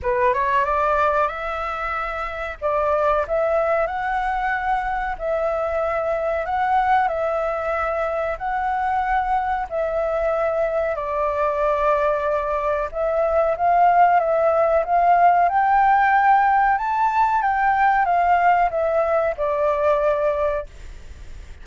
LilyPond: \new Staff \with { instrumentName = "flute" } { \time 4/4 \tempo 4 = 93 b'8 cis''8 d''4 e''2 | d''4 e''4 fis''2 | e''2 fis''4 e''4~ | e''4 fis''2 e''4~ |
e''4 d''2. | e''4 f''4 e''4 f''4 | g''2 a''4 g''4 | f''4 e''4 d''2 | }